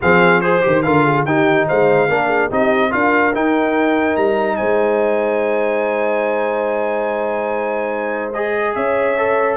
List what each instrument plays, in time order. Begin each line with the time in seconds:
0.01 tuba F3, trombone C4, horn G#4, trumpet F5
0.40 trombone G#4, trumpet C5, horn C5
0.62 tuba D#3, trombone G4
0.82 tuba D3, trombone F4, horn A#4, trumpet F5
1.04 horn G#4
1.24 tuba D#3, trombone D#4, horn G4, trumpet G5
1.67 tuba G#3, horn C5, trumpet F5
2.07 tuba A#3, trombone D4, horn A#4
2.27 horn G#4
2.49 tuba C4, trombone D#4, horn G4, trumpet D#5
2.90 tuba D4, trombone F4, horn A#4, trumpet F5
3.33 trombone D#4, tuba D#4, trumpet G5
4.16 tuba G3, trumpet A#5
4.56 tuba G#3, horn C5, trumpet G#5
8.32 trombone G#4, trumpet D#5
8.74 tuba C#4, horn C#5, trumpet E5
9.17 trombone A4